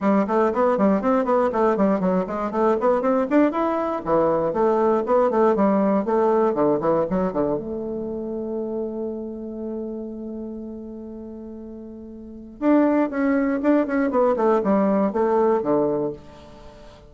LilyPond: \new Staff \with { instrumentName = "bassoon" } { \time 4/4 \tempo 4 = 119 g8 a8 b8 g8 c'8 b8 a8 g8 | fis8 gis8 a8 b8 c'8 d'8 e'4 | e4 a4 b8 a8 g4 | a4 d8 e8 fis8 d8 a4~ |
a1~ | a1~ | a4 d'4 cis'4 d'8 cis'8 | b8 a8 g4 a4 d4 | }